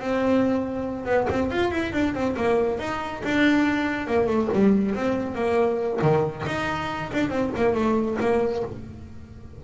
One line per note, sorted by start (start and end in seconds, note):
0.00 1.06 C4
1.06 1.27 B3
1.30 1.51 C4
1.51 1.71 F4
1.71 1.93 E4
1.93 2.14 D4
2.14 2.36 C4
2.37 2.80 A#3
2.80 3.23 D#4
3.25 4.07 D4
4.07 4.27 A#3
4.27 4.49 A3
4.53 4.95 G3
4.95 5.35 C4
5.35 6.00 A#3
6.02 6.45 D#3
6.46 7.11 D#4
7.14 7.30 D4
7.30 7.51 C4
7.56 7.75 A#3
7.75 8.18 A3
8.21 8.64 A#3